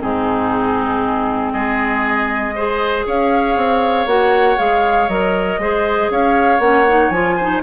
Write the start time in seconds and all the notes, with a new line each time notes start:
0.00 G#2 C4 D#4 G#4
1.52 G#3 G#4 D#5
2.56 G#4 C5
3.07 C#4 C#5 F5
3.57 C4
4.07 A#3 F#4 F#5
4.58 G#3 G#4 F5
5.09 F#3 A#4 D#5
5.58 G#3 G#4 C5
6.11 C#4 C#5 F5
6.59 A#3 C#4 F#5
6.89 D#4
7.10 F3 F4 G#5
7.37 D#4 C5